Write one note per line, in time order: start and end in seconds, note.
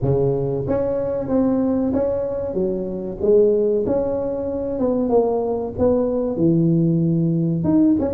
0.02 0.66 C#3
0.67 1.28 C#4
1.28 1.92 C4
1.93 2.54 C#4
2.54 3.17 F#3
3.21 3.85 G#3
3.86 4.79 C#4
4.79 5.09 B3
5.09 5.73 A#3
5.78 6.36 B3
6.36 7.64 E3
7.64 7.96 D#4
7.99 8.13 C#4